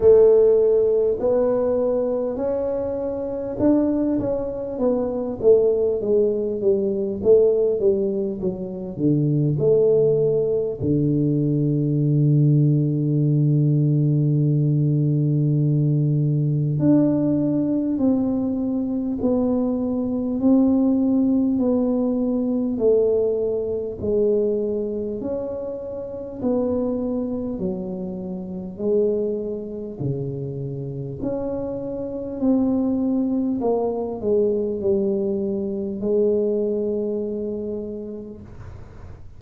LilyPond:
\new Staff \with { instrumentName = "tuba" } { \time 4/4 \tempo 4 = 50 a4 b4 cis'4 d'8 cis'8 | b8 a8 gis8 g8 a8 g8 fis8 d8 | a4 d2.~ | d2 d'4 c'4 |
b4 c'4 b4 a4 | gis4 cis'4 b4 fis4 | gis4 cis4 cis'4 c'4 | ais8 gis8 g4 gis2 | }